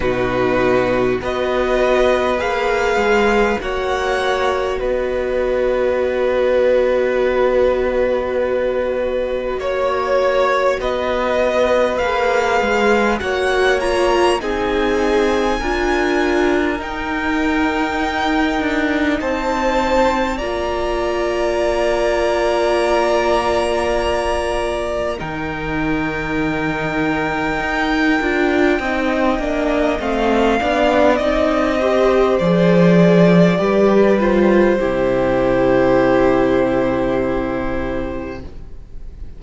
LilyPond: <<
  \new Staff \with { instrumentName = "violin" } { \time 4/4 \tempo 4 = 50 b'4 dis''4 f''4 fis''4 | dis''1 | cis''4 dis''4 f''4 fis''8 ais''8 | gis''2 g''2 |
a''4 ais''2.~ | ais''4 g''2.~ | g''4 f''4 dis''4 d''4~ | d''8 c''2.~ c''8 | }
  \new Staff \with { instrumentName = "violin" } { \time 4/4 fis'4 b'2 cis''4 | b'1 | cis''4 b'2 cis''4 | gis'4 ais'2. |
c''4 d''2.~ | d''4 ais'2. | dis''4. d''4 c''4. | b'4 g'2. | }
  \new Staff \with { instrumentName = "viola" } { \time 4/4 dis'4 fis'4 gis'4 fis'4~ | fis'1~ | fis'2 gis'4 fis'8 f'8 | dis'4 f'4 dis'2~ |
dis'4 f'2.~ | f'4 dis'2~ dis'8 f'8 | dis'8 d'8 c'8 d'8 dis'8 g'8 gis'4 | g'8 f'8 e'2. | }
  \new Staff \with { instrumentName = "cello" } { \time 4/4 b,4 b4 ais8 gis8 ais4 | b1 | ais4 b4 ais8 gis8 ais4 | c'4 d'4 dis'4. d'8 |
c'4 ais2.~ | ais4 dis2 dis'8 d'8 | c'8 ais8 a8 b8 c'4 f4 | g4 c2. | }
>>